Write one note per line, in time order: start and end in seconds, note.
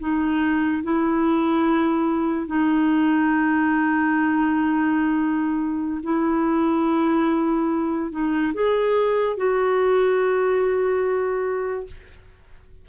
0.00 0.83 D#4
0.84 2.47 E4
2.47 6.02 D#4
6.04 8.12 E4
8.12 8.53 D#4
8.54 9.37 G#4
9.37 11.87 F#4